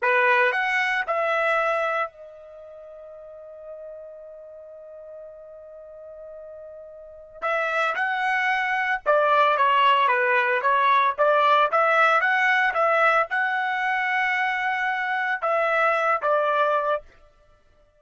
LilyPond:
\new Staff \with { instrumentName = "trumpet" } { \time 4/4 \tempo 4 = 113 b'4 fis''4 e''2 | dis''1~ | dis''1~ | dis''2 e''4 fis''4~ |
fis''4 d''4 cis''4 b'4 | cis''4 d''4 e''4 fis''4 | e''4 fis''2.~ | fis''4 e''4. d''4. | }